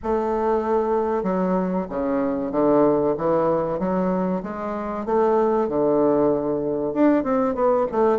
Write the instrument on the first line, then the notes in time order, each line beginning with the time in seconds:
bassoon
0.02 A3
1.23 F#3
1.89 C#3
2.51 D3
3.17 E3
3.79 F#3
4.42 G#3
5.05 A3
5.68 D3
6.93 D4
7.23 C4
7.54 B3
7.91 A3